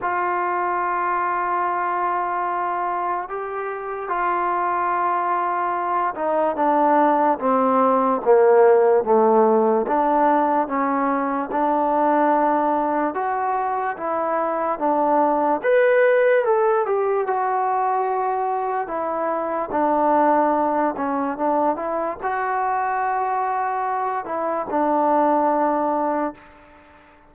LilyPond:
\new Staff \with { instrumentName = "trombone" } { \time 4/4 \tempo 4 = 73 f'1 | g'4 f'2~ f'8 dis'8 | d'4 c'4 ais4 a4 | d'4 cis'4 d'2 |
fis'4 e'4 d'4 b'4 | a'8 g'8 fis'2 e'4 | d'4. cis'8 d'8 e'8 fis'4~ | fis'4. e'8 d'2 | }